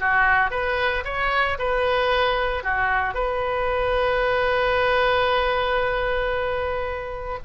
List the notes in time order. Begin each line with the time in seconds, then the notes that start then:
0.00 F#4
0.51 B4
1.05 C#5
1.59 B4
2.64 F#4
3.15 B4